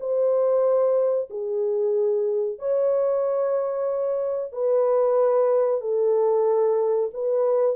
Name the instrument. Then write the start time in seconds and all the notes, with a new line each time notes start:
horn
0.00 C5
1.30 G#4
2.59 C#5
4.52 B4
5.81 A4
7.13 B4